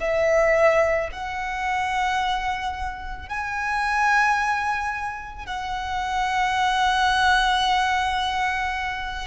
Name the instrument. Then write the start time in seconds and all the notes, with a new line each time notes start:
violin
0.00 E5
1.12 F#5
3.29 G#5
5.46 F#5